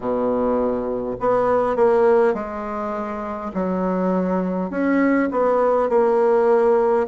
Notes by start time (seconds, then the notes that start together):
0.00 B2
1.20 B3
1.75 A#3
2.34 G#3
3.53 F#3
4.70 C#4
5.30 B3
5.89 A#3